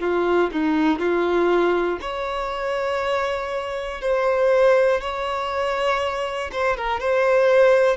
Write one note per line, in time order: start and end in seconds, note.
0.00 0.50 F4
0.52 1.00 D#4
1.00 2.00 F4
2.01 4.01 C#5
4.01 5.01 C5
5.01 6.51 C#5
6.52 6.77 C5
6.77 7.00 A#4
7.00 7.97 C5